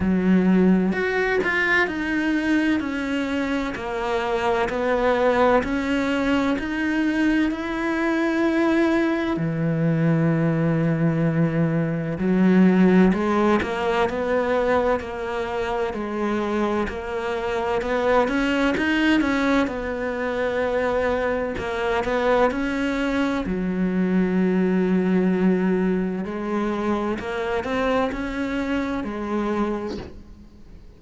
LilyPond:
\new Staff \with { instrumentName = "cello" } { \time 4/4 \tempo 4 = 64 fis4 fis'8 f'8 dis'4 cis'4 | ais4 b4 cis'4 dis'4 | e'2 e2~ | e4 fis4 gis8 ais8 b4 |
ais4 gis4 ais4 b8 cis'8 | dis'8 cis'8 b2 ais8 b8 | cis'4 fis2. | gis4 ais8 c'8 cis'4 gis4 | }